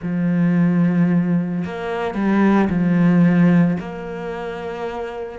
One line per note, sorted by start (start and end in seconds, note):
0.02 1.64 F3
1.65 2.14 A#3
2.14 2.68 G3
2.69 3.77 F3
3.79 5.39 A#3